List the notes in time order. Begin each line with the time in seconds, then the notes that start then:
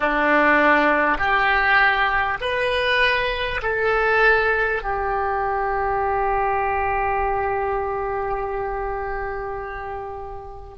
0.00 D4
1.17 G4
2.40 B4
3.62 A4
4.82 G4